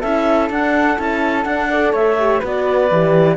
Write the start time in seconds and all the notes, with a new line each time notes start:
0.00 C#4 E4 A4 E5
0.50 D4 F#5
0.97 C#4 E4 A5
1.45 D4 F#5
1.70 A4 D5
1.92 A3 C#5 E5
2.18 G4
2.40 B3 F#4 B4
2.47 D5
2.91 E3 G4